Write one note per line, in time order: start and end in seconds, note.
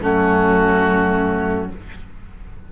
0.00 1.69 F#2
0.00 1.69 A3
0.00 1.70 C#4
0.00 1.72 F#4